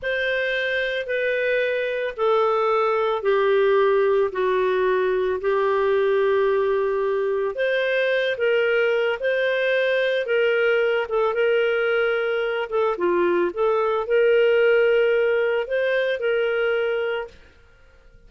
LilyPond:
\new Staff \with { instrumentName = "clarinet" } { \time 4/4 \tempo 4 = 111 c''2 b'2 | a'2 g'2 | fis'2 g'2~ | g'2 c''4. ais'8~ |
ais'4 c''2 ais'4~ | ais'8 a'8 ais'2~ ais'8 a'8 | f'4 a'4 ais'2~ | ais'4 c''4 ais'2 | }